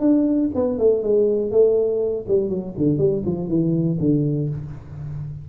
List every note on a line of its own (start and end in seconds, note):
0.00 0.50 D4
0.55 0.78 B3
0.78 1.03 A3
1.03 1.51 G#3
1.51 2.25 A3
2.28 2.49 G3
2.49 2.74 F#3
2.77 2.98 D3
2.98 3.23 G3
3.25 3.48 F3
3.48 3.98 E3
3.99 4.49 D3